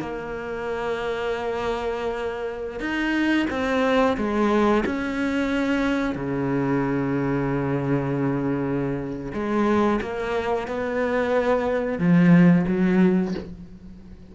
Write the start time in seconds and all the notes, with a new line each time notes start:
0.00 A#3
2.80 D#4
3.50 C4
4.18 G#3
4.86 C#4
6.16 C#3
9.34 G#3
10.02 A#3
10.68 B3
11.99 F3
12.68 F#3